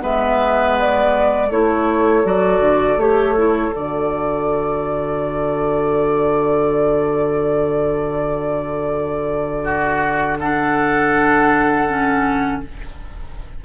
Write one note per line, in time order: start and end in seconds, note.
0.00 1.50 G#3
0.00 1.48 B3
0.00 1.48 B4
0.00 0.78 E5
0.79 1.52 D5
1.48 2.24 A3
1.48 2.24 E4
1.48 9.63 A4
1.48 2.26 C#5
2.24 2.60 F#3
2.24 2.98 F#4
2.24 3.00 D5
2.60 2.97 D3
2.97 3.71 A3
2.97 3.36 G4
2.97 3.74 C#5
3.37 3.71 E4
3.71 12.65 D3
3.71 10.38 F#4
3.71 10.39 D5
9.64 10.38 F#4
10.39 11.89 D4
10.39 12.62 A4
10.39 12.61 F#5
11.89 12.63 C#4